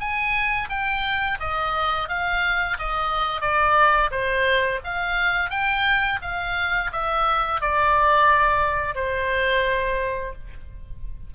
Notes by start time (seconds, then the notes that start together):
0.00 G#5
0.70 G5
1.40 D#5
2.09 F5
2.79 D#5
3.41 D5
4.11 C5
4.84 F5
5.50 G5
6.22 F5
6.92 E5
7.61 D5
8.95 C5